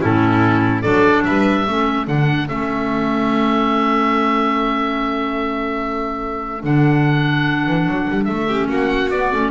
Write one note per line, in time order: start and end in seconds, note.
0.00 0.84 A2
0.00 0.83 C#4
0.00 0.82 E4
0.00 0.81 A4
0.81 1.25 F#3
0.81 1.66 D4
0.81 1.23 A4
0.81 1.23 D5
1.24 1.67 G3
1.24 1.66 B4
1.24 2.07 E5
1.66 2.07 A3
1.66 2.06 C#4
1.66 8.47 A4
2.06 2.48 D3
2.06 2.48 D4
2.06 2.48 F#5
2.48 6.63 A3
2.48 6.62 C#4
2.48 6.62 E5
6.62 7.66 D3
6.62 8.48 D4
6.62 8.24 F#5
7.66 7.87 E3
7.87 8.08 F#3
8.10 8.28 G3
8.24 8.69 A3
8.24 8.66 E5
8.47 9.10 C#4
8.47 8.68 G4
8.68 9.11 A#3
8.68 9.51 F#4
8.68 9.10 F#5
9.10 9.31 B3
9.10 9.32 B3
9.10 9.51 D5
9.32 9.51 A3
9.32 9.51 C#4